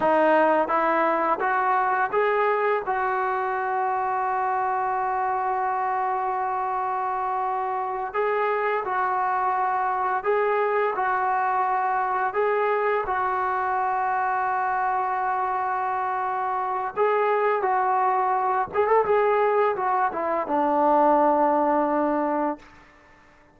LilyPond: \new Staff \with { instrumentName = "trombone" } { \time 4/4 \tempo 4 = 85 dis'4 e'4 fis'4 gis'4 | fis'1~ | fis'2.~ fis'8 gis'8~ | gis'8 fis'2 gis'4 fis'8~ |
fis'4. gis'4 fis'4.~ | fis'1 | gis'4 fis'4. gis'16 a'16 gis'4 | fis'8 e'8 d'2. | }